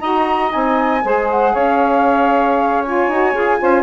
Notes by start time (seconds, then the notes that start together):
0.00 D#4 F#4 D#5 A#5
0.49 C4 D#4 G#5
1.04 G#3 G#4 C5
1.30 F#5
1.53 C#4 C#5 F5
2.82 F4 G#5
3.08 D#4 F#4
3.34 F4 G#4
3.59 C#4 F4 C5